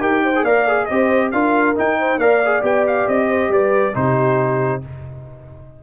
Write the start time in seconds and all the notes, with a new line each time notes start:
0.00 D#4 G4 A#4 G5
0.23 C5
0.35 G#4
0.43 A#3 A#4 D5 F5
0.67 G#4
0.86 C4 G4 C5 D#5
1.32 D4 F4 A#4 F5
1.75 D#4 G5
1.99 C5
2.18 A#3 A#4 D5 F5
2.45 G#4
2.62 B3 G4 G5
2.87 F5
3.07 C4 D#5
3.28 C5
3.49 G3 B4 D5
3.94 C3 D#4 G4 C5